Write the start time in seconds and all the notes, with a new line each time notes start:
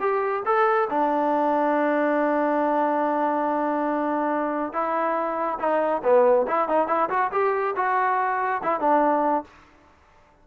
0.00 G4
0.46 A4
0.90 D4
4.73 E4
5.59 D#4
6.04 B3
6.47 E4
6.68 D#4
6.87 E4
7.10 F#4
7.32 G4
7.76 F#4
8.63 E4
8.80 D4